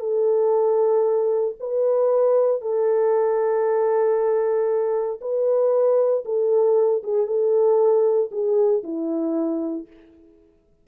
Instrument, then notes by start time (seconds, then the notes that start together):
horn
0.00 A4
1.60 B4
2.62 A4
5.21 B4
6.25 A4
7.04 G#4
7.27 A4
8.32 G#4
8.84 E4